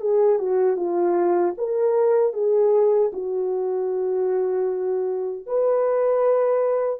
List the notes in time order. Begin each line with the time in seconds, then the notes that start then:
0.00 G#4
0.39 F#4
0.76 F4
1.57 A#4
2.33 G#4
3.13 F#4
5.46 B4